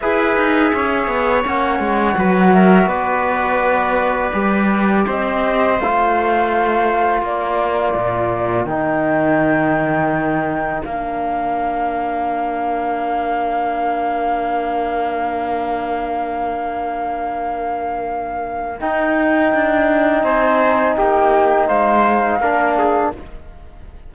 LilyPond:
<<
  \new Staff \with { instrumentName = "flute" } { \time 4/4 \tempo 4 = 83 e''2 fis''4. e''8 | d''2. dis''4 | f''2 d''2 | g''2. f''4~ |
f''1~ | f''1~ | f''2 g''2 | gis''4 g''4 f''2 | }
  \new Staff \with { instrumentName = "trumpet" } { \time 4/4 b'4 cis''2 b'8 ais'8 | b'2. c''4~ | c''2 ais'2~ | ais'1~ |
ais'1~ | ais'1~ | ais'1 | c''4 g'4 c''4 ais'8 gis'8 | }
  \new Staff \with { instrumentName = "trombone" } { \time 4/4 gis'2 cis'4 fis'4~ | fis'2 g'2 | f'1 | dis'2. d'4~ |
d'1~ | d'1~ | d'2 dis'2~ | dis'2. d'4 | }
  \new Staff \with { instrumentName = "cello" } { \time 4/4 e'8 dis'8 cis'8 b8 ais8 gis8 fis4 | b2 g4 c'4 | a2 ais4 ais,4 | dis2. ais4~ |
ais1~ | ais1~ | ais2 dis'4 d'4 | c'4 ais4 gis4 ais4 | }
>>